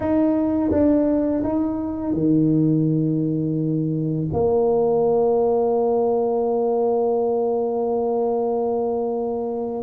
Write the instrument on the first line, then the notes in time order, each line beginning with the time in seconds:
tuba
0.00 D#4
0.71 D4
1.43 D#4
2.13 D#3
4.32 A#3